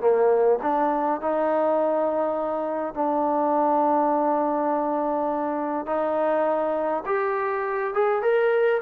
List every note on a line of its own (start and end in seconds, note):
0.00 0.59 A#3
0.62 1.21 D4
1.21 2.94 D#4
2.94 5.86 D4
5.86 7.03 D#4
7.06 7.94 G4
7.94 8.22 G#4
8.22 8.80 A#4